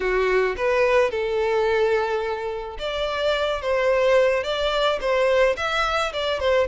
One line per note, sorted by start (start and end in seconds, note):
0.00 0.56 F#4
0.56 1.10 B4
1.10 2.77 A4
2.79 3.61 D5
3.61 4.43 C5
4.43 4.99 D5
5.00 5.56 C5
5.56 6.12 E5
6.12 6.39 D5
6.39 6.67 C5